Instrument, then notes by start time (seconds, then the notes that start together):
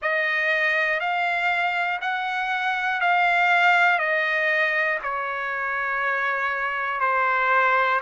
trumpet
0.01 D#5
1.00 F5
2.00 F#5
3.00 F5
3.99 D#5
5.03 C#5
7.00 C5